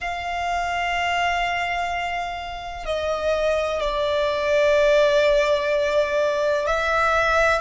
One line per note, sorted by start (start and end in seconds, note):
0.00 2.85 F5
2.85 3.81 D#5
3.81 6.66 D5
6.66 7.60 E5